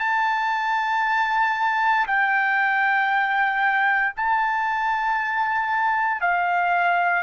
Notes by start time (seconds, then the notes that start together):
0.00 A5
2.07 G5
4.17 A5
6.22 F5